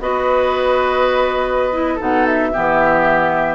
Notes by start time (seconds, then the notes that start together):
0.00 B3 F#4 B4 D#5
1.72 E4
1.95 B2 D#4 A4 F#5
2.26 E5
2.53 E3 B3 G4